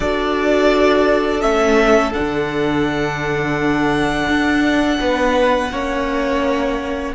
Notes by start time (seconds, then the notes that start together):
0.00 D4 F#4 A4 D5
1.41 A3 C#4 E5
2.13 D3 D4 F#5
4.28 D4
5.00 B3 B4
5.71 A#3 C#4 C#5